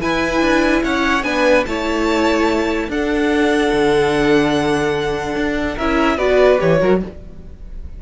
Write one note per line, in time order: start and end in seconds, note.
0.00 1.23 E4
0.00 0.40 E4
0.00 0.83 B4
0.00 0.83 G#5
0.40 0.81 D4
0.83 1.23 C#4
0.83 1.25 C#5
0.83 1.23 F#5
1.23 1.64 B3
1.23 1.64 D4
1.23 1.66 B4
1.23 1.64 G#5
1.65 2.88 A3
1.65 2.91 E4
1.65 2.89 C#5
1.65 2.89 A5
2.88 3.70 D4
2.88 5.78 D4
2.88 5.75 A4
2.88 5.77 F#5
3.72 5.35 D3
5.35 5.76 D4
5.75 6.17 C#4
5.75 6.18 E4
5.75 6.16 A#4
5.75 6.18 E5
6.17 6.58 B3
6.17 6.58 F#4
6.17 6.78 B4
6.17 6.59 D5
6.58 6.81 E3
6.58 6.78 G4
6.58 7.01 C#5
6.78 7.02 F#3
6.78 6.99 F#4
6.78 7.01 A#4